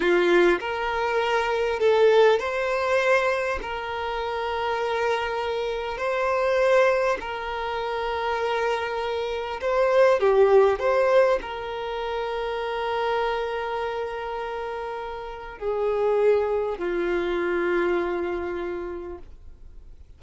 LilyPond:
\new Staff \with { instrumentName = "violin" } { \time 4/4 \tempo 4 = 100 f'4 ais'2 a'4 | c''2 ais'2~ | ais'2 c''2 | ais'1 |
c''4 g'4 c''4 ais'4~ | ais'1~ | ais'2 gis'2 | f'1 | }